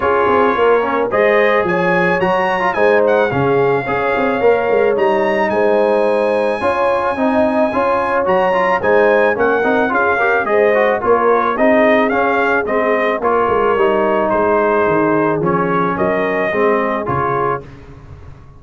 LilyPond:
<<
  \new Staff \with { instrumentName = "trumpet" } { \time 4/4 \tempo 4 = 109 cis''2 dis''4 gis''4 | ais''4 gis''8 fis''8 f''2~ | f''4 ais''4 gis''2~ | gis''2. ais''4 |
gis''4 fis''4 f''4 dis''4 | cis''4 dis''4 f''4 dis''4 | cis''2 c''2 | cis''4 dis''2 cis''4 | }
  \new Staff \with { instrumentName = "horn" } { \time 4/4 gis'4 ais'4 c''4 cis''4~ | cis''4 c''4 gis'4 cis''4~ | cis''2 c''2 | cis''4 dis''4 cis''2 |
c''4 ais'4 gis'8 ais'8 c''4 | ais'4 gis'2. | ais'2 gis'2~ | gis'4 ais'4 gis'2 | }
  \new Staff \with { instrumentName = "trombone" } { \time 4/4 f'4. cis'8 gis'2 | fis'8. f'16 dis'4 cis'4 gis'4 | ais'4 dis'2. | f'4 dis'4 f'4 fis'8 f'8 |
dis'4 cis'8 dis'8 f'8 g'8 gis'8 fis'8 | f'4 dis'4 cis'4 c'4 | f'4 dis'2. | cis'2 c'4 f'4 | }
  \new Staff \with { instrumentName = "tuba" } { \time 4/4 cis'8 c'8 ais4 gis4 f4 | fis4 gis4 cis4 cis'8 c'8 | ais8 gis8 g4 gis2 | cis'4 c'4 cis'4 fis4 |
gis4 ais8 c'8 cis'4 gis4 | ais4 c'4 cis'4 gis4 | ais8 gis8 g4 gis4 dis4 | f4 fis4 gis4 cis4 | }
>>